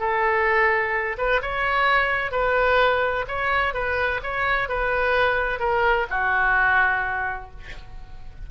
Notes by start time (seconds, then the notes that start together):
0.00 A4
1.18 B4
1.42 C#5
2.32 B4
3.28 C#5
3.74 B4
4.23 C#5
4.69 B4
5.60 A#4
6.10 F#4